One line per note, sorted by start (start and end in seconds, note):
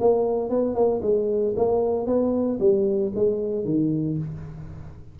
0.00 0.50 A#3
0.50 0.75 B3
0.75 1.01 A#3
1.02 1.55 G#3
1.56 2.06 A#3
2.06 2.59 B3
2.60 3.12 G3
3.15 3.65 G#3
3.65 4.17 D#3